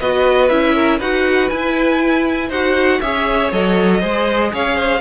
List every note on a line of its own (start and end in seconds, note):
0.00 0.50 B3
0.00 0.49 F#4
0.00 0.74 B4
0.00 0.49 D#5
0.49 1.00 C#4
0.49 1.00 E4
0.49 0.99 E5
0.74 0.98 A#4
0.98 1.51 D#4
0.98 1.50 F#4
0.98 2.49 B4
0.98 1.49 F#5
1.49 2.51 E4
1.49 2.49 E4
1.49 2.50 G#5
2.49 3.00 D#4
2.49 3.03 F#4
2.49 2.99 C5
2.49 3.01 F#5
3.01 3.52 C#4
3.01 3.51 G#4
3.01 4.00 C#5
3.01 3.51 E5
3.51 4.03 F#3
3.51 4.01 A4
3.51 4.53 D#5
4.00 4.53 G#3
4.00 5.01 G#4
4.00 4.51 C5
4.53 5.01 C#4
4.53 4.76 C#5
4.53 5.01 F5
4.76 5.01 C5